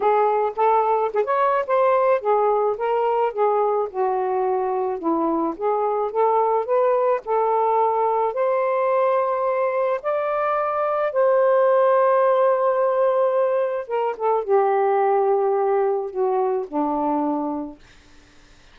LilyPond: \new Staff \with { instrumentName = "saxophone" } { \time 4/4 \tempo 4 = 108 gis'4 a'4 gis'16 cis''8. c''4 | gis'4 ais'4 gis'4 fis'4~ | fis'4 e'4 gis'4 a'4 | b'4 a'2 c''4~ |
c''2 d''2 | c''1~ | c''4 ais'8 a'8 g'2~ | g'4 fis'4 d'2 | }